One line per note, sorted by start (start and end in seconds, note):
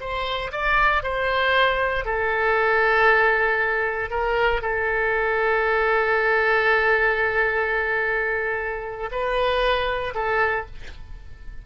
0.00 0.51 C5
0.52 1.03 D5
1.03 2.05 C5
2.05 4.10 A4
4.10 4.61 A#4
4.61 9.10 A4
9.11 10.14 B4
10.14 10.66 A4